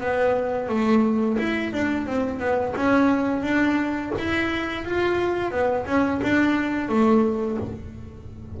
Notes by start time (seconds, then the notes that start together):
0.00 B3
0.68 A3
1.38 E4
1.73 D4
2.06 C4
2.39 B3
2.76 C#4
3.42 D4
4.18 E4
4.85 F4
5.51 B3
5.86 C#4
6.22 D4
6.88 A3